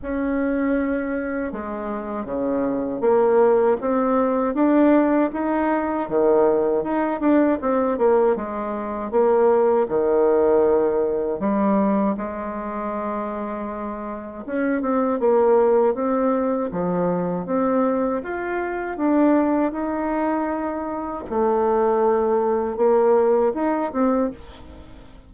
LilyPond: \new Staff \with { instrumentName = "bassoon" } { \time 4/4 \tempo 4 = 79 cis'2 gis4 cis4 | ais4 c'4 d'4 dis'4 | dis4 dis'8 d'8 c'8 ais8 gis4 | ais4 dis2 g4 |
gis2. cis'8 c'8 | ais4 c'4 f4 c'4 | f'4 d'4 dis'2 | a2 ais4 dis'8 c'8 | }